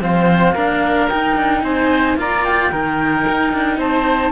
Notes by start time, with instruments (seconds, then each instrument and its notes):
0.00 cello F3 C4, oboe C5, flute F5
0.52 cello A#3 D4, oboe A#4
1.09 cello D#4, flute G5
1.36 cello D4
1.62 cello C4, oboe C5, flute G#5
2.16 cello A#3 F4, oboe D5, flute A#5
2.44 flute G5
2.71 cello D#3 D#4, oboe A#4
3.27 cello D#4
3.53 cello D4
3.77 cello C4, oboe C5, flute A5